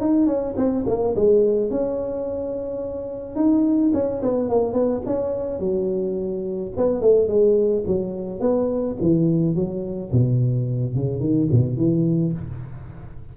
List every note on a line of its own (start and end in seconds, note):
0.00 0.26 D#4
0.26 0.54 C#4
0.56 0.84 C4
0.86 1.14 A#3
1.15 1.70 G#3
1.70 3.35 C#4
3.35 3.91 D#4
3.93 4.21 C#4
4.22 4.49 B3
4.49 4.73 A#3
4.73 5.01 B3
5.06 5.59 C#4
5.59 6.71 F#3
6.76 7.01 B3
7.01 7.27 A3
7.27 7.84 G#3
7.87 8.40 F#3
8.40 8.96 B3
9.01 9.55 E3
9.55 10.11 F#3
10.12 10.95 B2
10.95 11.19 C#3
11.19 11.47 D#3
11.51 11.77 B2
11.77 12.33 E3